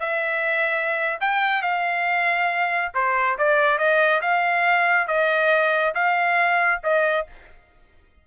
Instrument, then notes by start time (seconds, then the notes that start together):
trumpet
0.00 E5
1.21 G5
1.62 F5
2.95 C5
3.38 D5
3.78 D#5
4.22 F5
5.08 D#5
5.95 F5
6.84 D#5